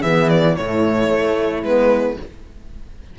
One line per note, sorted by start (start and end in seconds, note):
0.00 0.57 E3
0.00 0.58 B3
0.00 0.54 G#4
0.00 0.29 E5
0.29 0.56 D5
0.56 1.10 A2
0.56 1.64 A3
0.56 2.19 E4
0.56 1.64 C#5
1.10 1.63 A3
1.63 2.17 G#3
1.63 2.18 B3
1.63 2.18 B4